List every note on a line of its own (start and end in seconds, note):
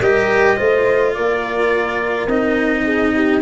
0.00 0.57 G3
0.00 0.57 G4
0.00 0.57 A#4
0.00 1.14 D#5
0.57 1.17 A3
0.57 2.28 F4
0.57 1.14 C5
1.14 2.27 A#3
1.14 2.84 A#4
1.14 2.29 D5
2.27 3.41 C4
2.27 3.42 D#4
2.27 3.42 D#5
2.84 3.12 G#4
3.15 3.42 G4